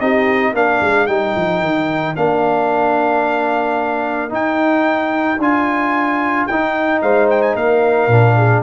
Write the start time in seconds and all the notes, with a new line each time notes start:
0.00 C4 D#4 G4 D#5
0.53 A#3 D4 A#4 F5
0.81 G#3
1.07 G3 D#4 G5
1.36 F3
1.61 D#3
2.15 A#3 D4 F5
4.29 D#4 G5
5.38 D4 F4 G#5
6.46 D#4 G5
7.02 G#3 C5 F5
7.30 G5
7.42 G#5
7.55 A#3 A#4 F5
8.07 A#2 D4
8.36 G#4